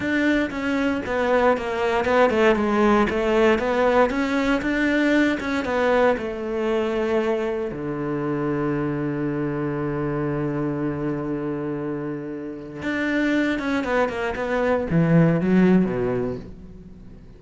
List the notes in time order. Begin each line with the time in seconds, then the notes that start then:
0.00 D4
0.50 C#4
1.06 B3
1.57 A#3
2.04 B3
2.29 A3
2.55 G#3
3.09 A3
3.59 B3
4.10 C#4
4.61 D4
5.40 C#4
5.64 B3
6.17 A3
7.72 D3
12.82 D4
13.59 C#4
13.83 B3
14.09 A#3
14.35 B3
14.90 E3
15.40 F#3
15.85 B2